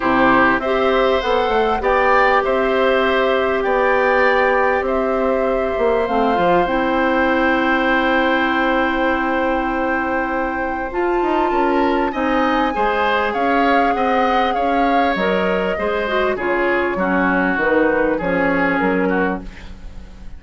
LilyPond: <<
  \new Staff \with { instrumentName = "flute" } { \time 4/4 \tempo 4 = 99 c''4 e''4 fis''4 g''4 | e''2 g''2 | e''2 f''4 g''4~ | g''1~ |
g''2 a''2 | gis''2 f''4 fis''4 | f''4 dis''2 cis''4~ | cis''4 b'4 cis''4 ais'4 | }
  \new Staff \with { instrumentName = "oboe" } { \time 4/4 g'4 c''2 d''4 | c''2 d''2 | c''1~ | c''1~ |
c''2. ais'4 | dis''4 c''4 cis''4 dis''4 | cis''2 c''4 gis'4 | fis'2 gis'4. fis'8 | }
  \new Staff \with { instrumentName = "clarinet" } { \time 4/4 e'4 g'4 a'4 g'4~ | g'1~ | g'2 c'8 f'8 e'4~ | e'1~ |
e'2 f'2 | dis'4 gis'2.~ | gis'4 ais'4 gis'8 fis'8 f'4 | cis'4 dis'4 cis'2 | }
  \new Staff \with { instrumentName = "bassoon" } { \time 4/4 c4 c'4 b8 a8 b4 | c'2 b2 | c'4. ais8 a8 f8 c'4~ | c'1~ |
c'2 f'8 dis'8 cis'4 | c'4 gis4 cis'4 c'4 | cis'4 fis4 gis4 cis4 | fis4 dis4 f4 fis4 | }
>>